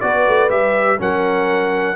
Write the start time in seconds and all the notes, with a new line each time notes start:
0.00 B3 F#4 B4 D5
0.27 A3
0.49 G3 G4 E5
0.98 F#3 C#4 A#4 F#5